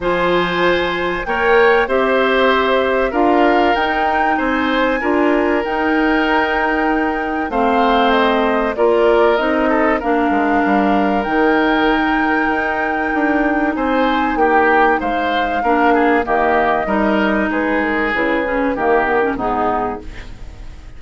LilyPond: <<
  \new Staff \with { instrumentName = "flute" } { \time 4/4 \tempo 4 = 96 gis''2 g''4 e''4~ | e''4 f''4 g''4 gis''4~ | gis''4 g''2. | f''4 dis''4 d''4 dis''4 |
f''2 g''2~ | g''2 gis''4 g''4 | f''2 dis''2 | b'8 ais'8 b'4 ais'4 gis'4 | }
  \new Staff \with { instrumentName = "oboe" } { \time 4/4 c''2 cis''4 c''4~ | c''4 ais'2 c''4 | ais'1 | c''2 ais'4. a'8 |
ais'1~ | ais'2 c''4 g'4 | c''4 ais'8 gis'8 g'4 ais'4 | gis'2 g'4 dis'4 | }
  \new Staff \with { instrumentName = "clarinet" } { \time 4/4 f'2 ais'4 g'4~ | g'4 f'4 dis'2 | f'4 dis'2. | c'2 f'4 dis'4 |
d'2 dis'2~ | dis'1~ | dis'4 d'4 ais4 dis'4~ | dis'4 e'8 cis'8 ais8 b16 cis'16 b4 | }
  \new Staff \with { instrumentName = "bassoon" } { \time 4/4 f2 ais4 c'4~ | c'4 d'4 dis'4 c'4 | d'4 dis'2. | a2 ais4 c'4 |
ais8 gis8 g4 dis2 | dis'4 d'4 c'4 ais4 | gis4 ais4 dis4 g4 | gis4 cis4 dis4 gis,4 | }
>>